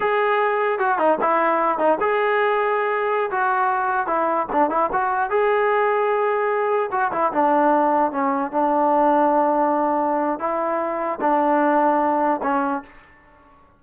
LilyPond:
\new Staff \with { instrumentName = "trombone" } { \time 4/4 \tempo 4 = 150 gis'2 fis'8 dis'8 e'4~ | e'8 dis'8 gis'2.~ | gis'16 fis'2 e'4 d'8 e'16~ | e'16 fis'4 gis'2~ gis'8.~ |
gis'4~ gis'16 fis'8 e'8 d'4.~ d'16~ | d'16 cis'4 d'2~ d'8.~ | d'2 e'2 | d'2. cis'4 | }